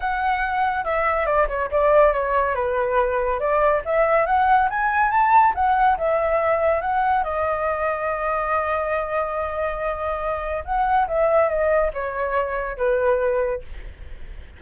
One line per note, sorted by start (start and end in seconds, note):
0.00 0.84 F#5
0.84 1.26 E5
1.26 1.47 D5
1.48 1.69 C#5
1.71 2.13 D5
2.13 2.54 C#5
2.54 3.39 B4
3.39 3.82 D5
3.85 4.26 E5
4.26 4.68 F#5
4.70 5.10 G#5
5.10 5.53 A5
5.54 5.97 F#5
5.97 6.81 E5
6.81 7.23 F#5
7.23 10.64 D#5
10.64 11.07 F#5
11.07 11.48 E5
11.48 11.91 D#5
11.93 12.77 C#5
12.77 13.62 B4